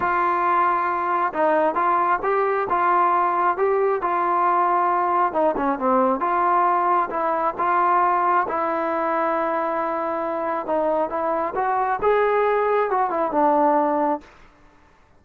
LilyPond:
\new Staff \with { instrumentName = "trombone" } { \time 4/4 \tempo 4 = 135 f'2. dis'4 | f'4 g'4 f'2 | g'4 f'2. | dis'8 cis'8 c'4 f'2 |
e'4 f'2 e'4~ | e'1 | dis'4 e'4 fis'4 gis'4~ | gis'4 fis'8 e'8 d'2 | }